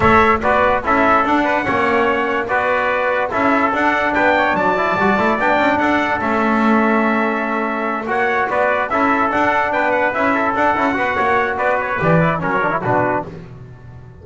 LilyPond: <<
  \new Staff \with { instrumentName = "trumpet" } { \time 4/4 \tempo 4 = 145 e''4 d''4 e''4 fis''4~ | fis''2 d''2 | e''4 fis''4 g''4 a''4~ | a''4 g''4 fis''4 e''4~ |
e''2.~ e''8 fis''8~ | fis''8 d''4 e''4 fis''4 g''8 | fis''8 e''4 fis''2~ fis''8 | d''8 cis''8 d''4 cis''4 b'4 | }
  \new Staff \with { instrumentName = "trumpet" } { \time 4/4 cis''4 b'4 a'4. b'8 | cis''2 b'2 | a'2 b'8 cis''8 d''4~ | d''2 a'2~ |
a'2.~ a'8 cis''8~ | cis''8 b'4 a'2 b'8~ | b'4 a'4. b'8 cis''4 | b'2 ais'4 fis'4 | }
  \new Staff \with { instrumentName = "trombone" } { \time 4/4 a'4 fis'4 e'4 d'4 | cis'2 fis'2 | e'4 d'2~ d'8 e'8 | fis'8 e'8 d'2 cis'4~ |
cis'2.~ cis'8 fis'8~ | fis'4. e'4 d'4.~ | d'8 e'4 d'8 e'8 fis'4.~ | fis'4 g'8 e'8 cis'8 d'16 e'16 d'4 | }
  \new Staff \with { instrumentName = "double bass" } { \time 4/4 a4 b4 cis'4 d'4 | ais2 b2 | cis'4 d'4 b4 fis4 | g8 a8 b8 cis'8 d'4 a4~ |
a2.~ a8 ais8~ | ais8 b4 cis'4 d'4 b8~ | b8 cis'4 d'8 cis'8 b8 ais4 | b4 e4 fis4 b,4 | }
>>